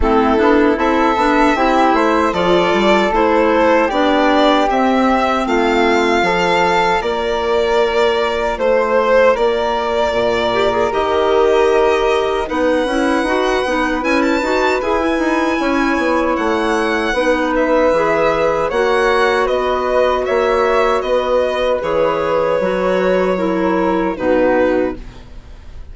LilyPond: <<
  \new Staff \with { instrumentName = "violin" } { \time 4/4 \tempo 4 = 77 a'4 e''2 d''4 | c''4 d''4 e''4 f''4~ | f''4 d''2 c''4 | d''2 dis''2 |
fis''2 gis''16 a''8. gis''4~ | gis''4 fis''4. e''4. | fis''4 dis''4 e''4 dis''4 | cis''2. b'4 | }
  \new Staff \with { instrumentName = "flute" } { \time 4/4 e'4 a'4 g'8 c''8 a'4~ | a'4 g'2 f'4 | a'4 ais'2 c''4 | ais'1 |
b'1 | cis''2 b'2 | cis''4 b'4 cis''4 b'4~ | b'2 ais'4 fis'4 | }
  \new Staff \with { instrumentName = "clarinet" } { \time 4/4 c'8 d'8 e'8 d'8 e'4 f'4 | e'4 d'4 c'2 | f'1~ | f'4. g'16 gis'16 g'2 |
dis'8 e'8 fis'8 dis'8 e'8 fis'8 gis'16 e'8.~ | e'2 dis'4 gis'4 | fis'1 | gis'4 fis'4 e'4 dis'4 | }
  \new Staff \with { instrumentName = "bassoon" } { \time 4/4 a8 b8 c'8 b8 c'8 a8 f8 g8 | a4 b4 c'4 a4 | f4 ais2 a4 | ais4 ais,4 dis2 |
b8 cis'8 dis'8 b8 cis'8 dis'8 e'8 dis'8 | cis'8 b8 a4 b4 e4 | ais4 b4 ais4 b4 | e4 fis2 b,4 | }
>>